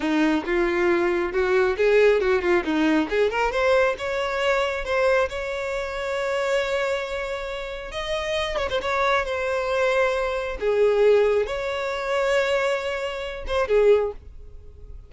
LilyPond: \new Staff \with { instrumentName = "violin" } { \time 4/4 \tempo 4 = 136 dis'4 f'2 fis'4 | gis'4 fis'8 f'8 dis'4 gis'8 ais'8 | c''4 cis''2 c''4 | cis''1~ |
cis''2 dis''4. cis''16 c''16 | cis''4 c''2. | gis'2 cis''2~ | cis''2~ cis''8 c''8 gis'4 | }